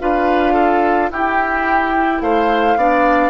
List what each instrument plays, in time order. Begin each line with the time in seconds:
0.00 bassoon D4, clarinet F4, oboe B4, flute F5
0.54 oboe A4
1.11 bassoon E4, clarinet E4, oboe G4, flute G5
2.22 bassoon A3, oboe C5, flute F5
2.77 bassoon B3, clarinet D4, oboe D5